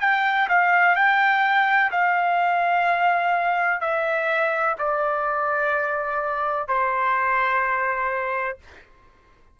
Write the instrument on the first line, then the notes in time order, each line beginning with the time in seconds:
trumpet
0.00 G5
0.48 F5
0.95 G5
1.91 F5
3.80 E5
4.78 D5
6.68 C5